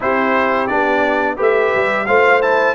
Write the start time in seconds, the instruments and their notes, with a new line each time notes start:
0.00 tuba C4, trombone E4, horn G4, trumpet C5
0.67 tuba B3, trombone D4, trumpet D5
1.35 tuba A3, trombone G4, horn B4
1.42 trumpet E5
1.75 tuba G3
2.06 tuba A3, trombone F4, horn C5, trumpet F5
2.41 trombone E4, trumpet A5